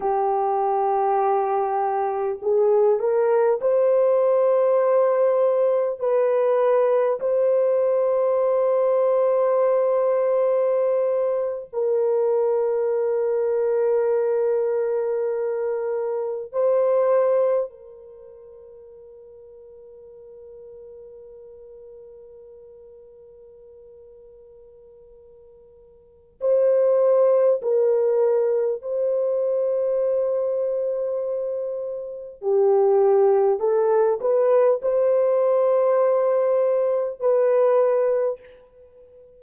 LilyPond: \new Staff \with { instrumentName = "horn" } { \time 4/4 \tempo 4 = 50 g'2 gis'8 ais'8 c''4~ | c''4 b'4 c''2~ | c''4.~ c''16 ais'2~ ais'16~ | ais'4.~ ais'16 c''4 ais'4~ ais'16~ |
ais'1~ | ais'2 c''4 ais'4 | c''2. g'4 | a'8 b'8 c''2 b'4 | }